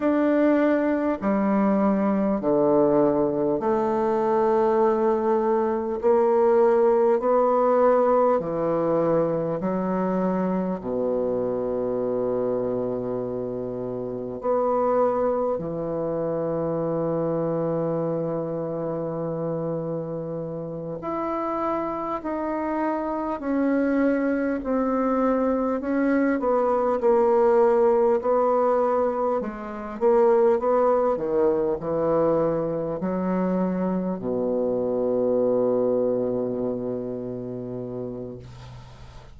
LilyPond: \new Staff \with { instrumentName = "bassoon" } { \time 4/4 \tempo 4 = 50 d'4 g4 d4 a4~ | a4 ais4 b4 e4 | fis4 b,2. | b4 e2.~ |
e4. e'4 dis'4 cis'8~ | cis'8 c'4 cis'8 b8 ais4 b8~ | b8 gis8 ais8 b8 dis8 e4 fis8~ | fis8 b,2.~ b,8 | }